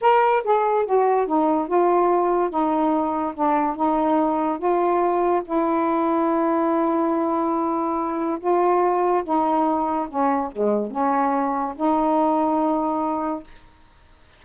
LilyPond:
\new Staff \with { instrumentName = "saxophone" } { \time 4/4 \tempo 4 = 143 ais'4 gis'4 fis'4 dis'4 | f'2 dis'2 | d'4 dis'2 f'4~ | f'4 e'2.~ |
e'1 | f'2 dis'2 | cis'4 gis4 cis'2 | dis'1 | }